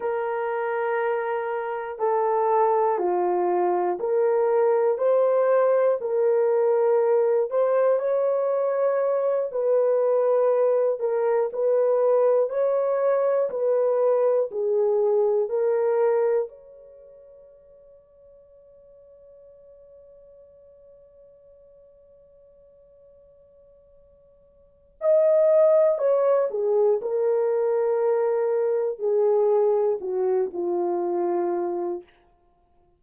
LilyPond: \new Staff \with { instrumentName = "horn" } { \time 4/4 \tempo 4 = 60 ais'2 a'4 f'4 | ais'4 c''4 ais'4. c''8 | cis''4. b'4. ais'8 b'8~ | b'8 cis''4 b'4 gis'4 ais'8~ |
ais'8 cis''2.~ cis''8~ | cis''1~ | cis''4 dis''4 cis''8 gis'8 ais'4~ | ais'4 gis'4 fis'8 f'4. | }